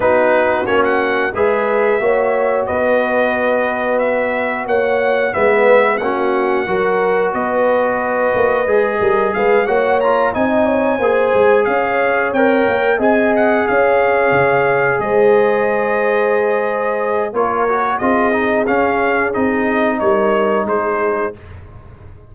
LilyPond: <<
  \new Staff \with { instrumentName = "trumpet" } { \time 4/4 \tempo 4 = 90 b'4 cis''16 fis''8. e''2 | dis''2 e''4 fis''4 | e''4 fis''2 dis''4~ | dis''2 f''8 fis''8 ais''8 gis''8~ |
gis''4. f''4 g''4 gis''8 | fis''8 f''2 dis''4.~ | dis''2 cis''4 dis''4 | f''4 dis''4 cis''4 c''4 | }
  \new Staff \with { instrumentName = "horn" } { \time 4/4 fis'2 b'4 cis''4 | b'2. cis''4 | b'4 fis'4 ais'4 b'4~ | b'4. ais'8 b'8 cis''4 dis''8 |
cis''8 c''4 cis''2 dis''8~ | dis''8 cis''2 c''4.~ | c''2 ais'4 gis'4~ | gis'2 ais'4 gis'4 | }
  \new Staff \with { instrumentName = "trombone" } { \time 4/4 dis'4 cis'4 gis'4 fis'4~ | fis'1 | b4 cis'4 fis'2~ | fis'4 gis'4. fis'8 f'8 dis'8~ |
dis'8 gis'2 ais'4 gis'8~ | gis'1~ | gis'2 f'8 fis'8 f'8 dis'8 | cis'4 dis'2. | }
  \new Staff \with { instrumentName = "tuba" } { \time 4/4 b4 ais4 gis4 ais4 | b2. ais4 | gis4 ais4 fis4 b4~ | b8 ais8 gis8 g8 gis8 ais4 c'8~ |
c'8 ais8 gis8 cis'4 c'8 ais8 c'8~ | c'8 cis'4 cis4 gis4.~ | gis2 ais4 c'4 | cis'4 c'4 g4 gis4 | }
>>